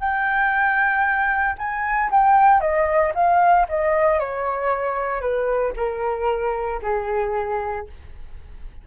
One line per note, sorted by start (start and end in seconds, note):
0.00 1.57 G5
1.59 2.11 G#5
2.11 2.61 G5
2.61 3.13 D#5
3.15 3.67 F5
3.69 4.20 D#5
4.20 5.21 C#5
5.21 5.73 B4
5.77 6.81 A#4
6.83 7.87 G#4